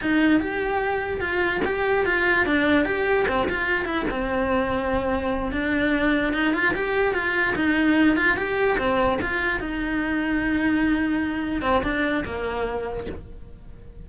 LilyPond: \new Staff \with { instrumentName = "cello" } { \time 4/4 \tempo 4 = 147 dis'4 g'2 f'4 | g'4 f'4 d'4 g'4 | c'8 f'4 e'8 c'2~ | c'4. d'2 dis'8 |
f'8 g'4 f'4 dis'4. | f'8 g'4 c'4 f'4 dis'8~ | dis'1~ | dis'8 c'8 d'4 ais2 | }